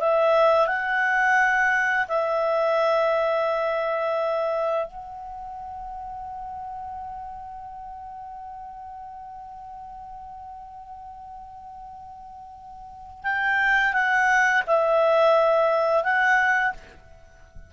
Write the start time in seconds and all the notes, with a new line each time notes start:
0.00 E5
0.67 F#5
2.08 E5
4.87 F#5
13.23 G5
13.93 F#5
14.67 E5
16.03 F#5